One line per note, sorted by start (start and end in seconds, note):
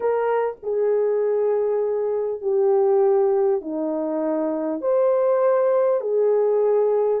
0.00 0.56 A#4
0.63 2.41 G#4
2.41 3.61 G4
3.61 4.81 D#4
4.81 6.01 C5
6.01 7.20 G#4